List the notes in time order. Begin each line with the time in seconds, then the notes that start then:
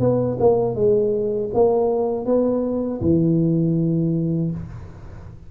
0.00 B3
0.40 A#3
0.75 G#3
1.54 A#3
2.25 B3
3.01 E3